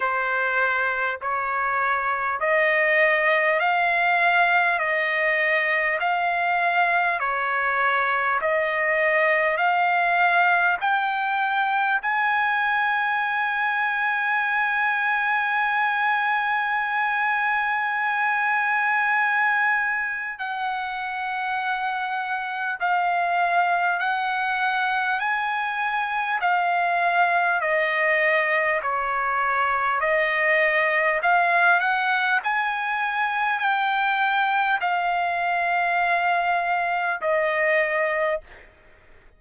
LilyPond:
\new Staff \with { instrumentName = "trumpet" } { \time 4/4 \tempo 4 = 50 c''4 cis''4 dis''4 f''4 | dis''4 f''4 cis''4 dis''4 | f''4 g''4 gis''2~ | gis''1~ |
gis''4 fis''2 f''4 | fis''4 gis''4 f''4 dis''4 | cis''4 dis''4 f''8 fis''8 gis''4 | g''4 f''2 dis''4 | }